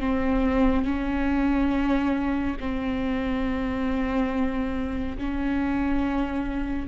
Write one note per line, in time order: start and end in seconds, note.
0.00 0.85 C4
0.85 2.56 C#4
2.60 5.17 C4
5.18 6.88 C#4